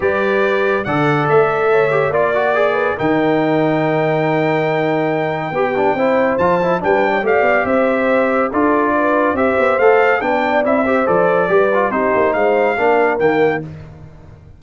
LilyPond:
<<
  \new Staff \with { instrumentName = "trumpet" } { \time 4/4 \tempo 4 = 141 d''2 fis''4 e''4~ | e''4 d''2 g''4~ | g''1~ | g''2. a''4 |
g''4 f''4 e''2 | d''2 e''4 f''4 | g''4 e''4 d''2 | c''4 f''2 g''4 | }
  \new Staff \with { instrumentName = "horn" } { \time 4/4 b'2 d''2 | cis''4 d''4. b'8 ais'4~ | ais'1~ | ais'4 g'4 c''2 |
b'8. cis''16 d''4 c''2 | a'4 b'4 c''2 | d''4. c''4. b'4 | g'4 c''4 ais'2 | }
  \new Staff \with { instrumentName = "trombone" } { \time 4/4 g'2 a'2~ | a'8 g'8 f'8 fis'8 gis'4 dis'4~ | dis'1~ | dis'4 g'8 d'8 e'4 f'8 e'8 |
d'4 g'2. | f'2 g'4 a'4 | d'4 e'8 g'8 a'4 g'8 f'8 | dis'2 d'4 ais4 | }
  \new Staff \with { instrumentName = "tuba" } { \time 4/4 g2 d4 a4~ | a4 ais2 dis4~ | dis1~ | dis4 b4 c'4 f4 |
g4 a8 b8 c'2 | d'2 c'8 b8 a4 | b4 c'4 f4 g4 | c'8 ais8 gis4 ais4 dis4 | }
>>